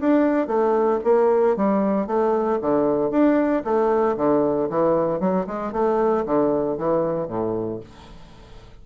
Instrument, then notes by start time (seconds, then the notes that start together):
bassoon
0.00 D4
0.47 A3
1.04 A#3
1.57 G3
2.07 A3
2.61 D3
3.11 D4
3.65 A3
4.17 D3
4.70 E3
5.20 F#3
5.47 G#3
5.73 A3
6.26 D3
6.78 E3
7.28 A2